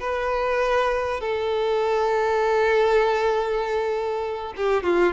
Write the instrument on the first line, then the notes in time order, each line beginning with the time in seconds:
violin
0.00 B4
1.20 A4
4.56 G4
4.83 F4